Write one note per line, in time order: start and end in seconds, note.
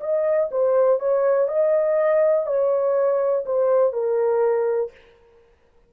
0.00 0.49 D#5
0.51 1.00 C5
1.00 1.48 C#5
1.48 2.46 D#5
2.46 3.44 C#5
3.45 3.93 C5
3.93 4.91 A#4